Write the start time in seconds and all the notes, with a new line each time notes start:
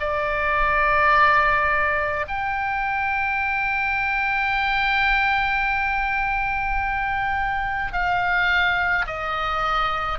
0.00 D5
2.28 G5
7.92 F5
9.07 D#5